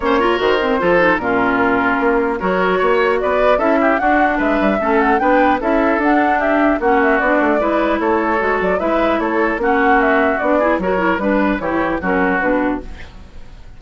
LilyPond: <<
  \new Staff \with { instrumentName = "flute" } { \time 4/4 \tempo 4 = 150 cis''4 c''2 ais'4~ | ais'2 cis''2 | d''4 e''4 fis''4 e''4~ | e''8 fis''8 g''4 e''4 fis''4 |
e''4 fis''8 e''8 d''2 | cis''4. d''8 e''4 cis''4 | fis''4 e''4 d''4 cis''4 | b'4 cis''4 ais'4 b'4 | }
  \new Staff \with { instrumentName = "oboe" } { \time 4/4 c''8 ais'4. a'4 f'4~ | f'2 ais'4 cis''4 | b'4 a'8 g'8 fis'4 b'4 | a'4 b'4 a'2 |
g'4 fis'2 b'4 | a'2 b'4 a'4 | fis'2~ fis'8 gis'8 ais'4 | b'4 g'4 fis'2 | }
  \new Staff \with { instrumentName = "clarinet" } { \time 4/4 cis'8 f'8 fis'8 c'8 f'8 dis'8 cis'4~ | cis'2 fis'2~ | fis'4 e'4 d'2 | cis'4 d'4 e'4 d'4~ |
d'4 cis'4 d'4 e'4~ | e'4 fis'4 e'2 | cis'2 d'8 e'8 fis'8 e'8 | d'4 e'4 cis'4 d'4 | }
  \new Staff \with { instrumentName = "bassoon" } { \time 4/4 ais4 dis4 f4 ais,4~ | ais,4 ais4 fis4 ais4 | b4 cis'4 d'4 gis8 g8 | a4 b4 cis'4 d'4~ |
d'4 ais4 b8 a8 gis4 | a4 gis8 fis8 gis4 a4 | ais2 b4 fis4 | g4 e4 fis4 b,4 | }
>>